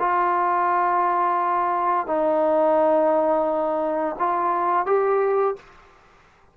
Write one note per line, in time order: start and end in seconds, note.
0.00 2.07 F4
2.07 4.16 D#4
4.19 4.86 F4
4.86 5.56 G4